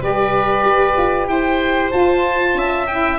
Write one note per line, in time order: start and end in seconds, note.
0.00 0.64 G3
0.00 1.91 G4
0.00 1.28 B4
0.00 1.27 D5
0.64 0.96 G4
0.97 1.27 F4
1.27 1.91 E4
1.27 2.58 C5
1.27 1.91 G5
1.91 2.86 F4
1.91 2.54 F4
1.91 2.87 A5
2.54 3.18 C#4
2.54 3.18 E5
2.87 3.18 E4
2.87 3.18 G5